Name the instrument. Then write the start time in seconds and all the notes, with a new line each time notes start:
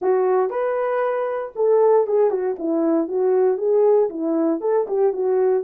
horn
0.01 F#4
0.50 B4
1.55 A4
2.06 G#4
2.30 F#4
2.59 E4
3.07 F#4
3.57 G#4
4.09 E4
4.60 A4
4.87 G4
5.12 F#4